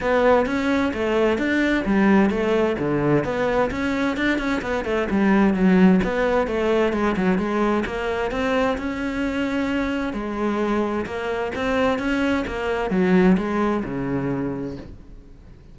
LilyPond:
\new Staff \with { instrumentName = "cello" } { \time 4/4 \tempo 4 = 130 b4 cis'4 a4 d'4 | g4 a4 d4 b4 | cis'4 d'8 cis'8 b8 a8 g4 | fis4 b4 a4 gis8 fis8 |
gis4 ais4 c'4 cis'4~ | cis'2 gis2 | ais4 c'4 cis'4 ais4 | fis4 gis4 cis2 | }